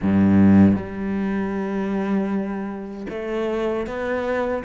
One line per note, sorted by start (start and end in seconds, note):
0.02 0.76 G2
0.76 3.06 G3
3.09 3.86 A3
3.86 4.63 B3